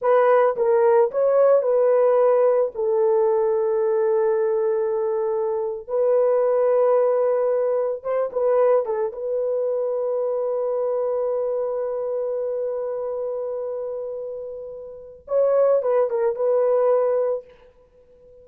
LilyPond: \new Staff \with { instrumentName = "horn" } { \time 4/4 \tempo 4 = 110 b'4 ais'4 cis''4 b'4~ | b'4 a'2.~ | a'2~ a'8. b'4~ b'16~ | b'2~ b'8. c''8 b'8.~ |
b'16 a'8 b'2.~ b'16~ | b'1~ | b'1 | cis''4 b'8 ais'8 b'2 | }